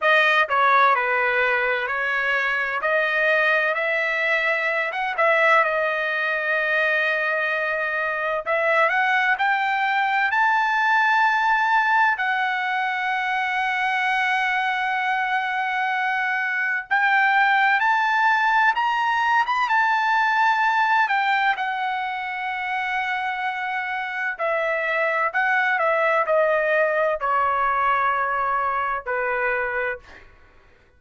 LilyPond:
\new Staff \with { instrumentName = "trumpet" } { \time 4/4 \tempo 4 = 64 dis''8 cis''8 b'4 cis''4 dis''4 | e''4~ e''16 fis''16 e''8 dis''2~ | dis''4 e''8 fis''8 g''4 a''4~ | a''4 fis''2.~ |
fis''2 g''4 a''4 | ais''8. b''16 a''4. g''8 fis''4~ | fis''2 e''4 fis''8 e''8 | dis''4 cis''2 b'4 | }